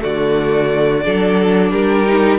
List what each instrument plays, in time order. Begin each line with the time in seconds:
0.00 cello D3, viola A3, violin F#4 D5
1.05 cello F#3, viola D4, violin A4
1.72 cello G3, violin G4 A#4
2.07 viola D#4